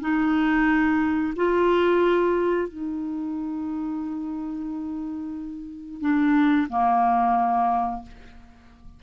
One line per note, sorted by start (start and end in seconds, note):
0.00 1.33 D#4
1.36 2.68 F4
2.68 6.01 D#4
6.01 6.67 D4
6.69 8.02 A#3